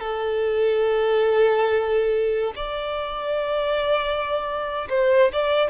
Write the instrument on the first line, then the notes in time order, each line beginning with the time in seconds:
violin
0.00 A4
2.56 D5
4.90 C5
5.33 D5